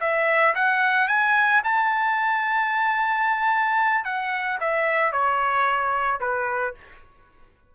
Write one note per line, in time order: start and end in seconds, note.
0.00 0.54 E5
0.55 1.07 F#5
1.07 1.61 G#5
1.64 4.04 A5
4.04 4.58 F#5
4.60 5.12 E5
5.12 6.20 C#5
6.20 6.74 B4